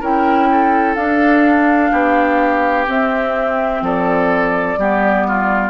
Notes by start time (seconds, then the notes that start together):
0.00 C#4 E4 A#4 G5
0.51 A4
0.95 D4 F5
1.91 B3 G4
2.87 C4 E5
3.81 F3 A4 D5
4.77 G3 B3 G4
5.27 F4